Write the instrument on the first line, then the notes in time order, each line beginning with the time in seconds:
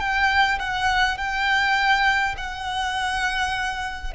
violin
0.00 G5
0.59 F#5
1.17 G5
2.37 F#5